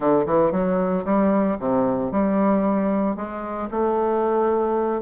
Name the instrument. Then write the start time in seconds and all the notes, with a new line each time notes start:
bassoon
0.00 D3
0.25 E3
0.51 F#3
1.05 G3
1.59 C3
2.11 G3
3.16 G#3
3.71 A3